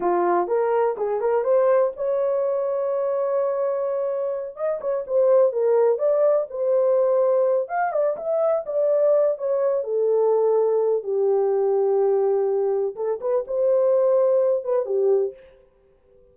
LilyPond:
\new Staff \with { instrumentName = "horn" } { \time 4/4 \tempo 4 = 125 f'4 ais'4 gis'8 ais'8 c''4 | cis''1~ | cis''4. dis''8 cis''8 c''4 ais'8~ | ais'8 d''4 c''2~ c''8 |
f''8 d''8 e''4 d''4. cis''8~ | cis''8 a'2~ a'8 g'4~ | g'2. a'8 b'8 | c''2~ c''8 b'8 g'4 | }